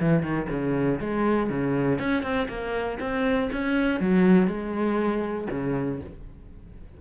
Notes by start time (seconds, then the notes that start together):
0.00 E3
0.22 D#3
0.49 C#3
1.00 G#3
1.50 C#3
1.99 C#4
2.22 C4
2.48 A#3
2.99 C4
3.52 C#4
4.00 F#3
4.47 G#3
5.50 C#3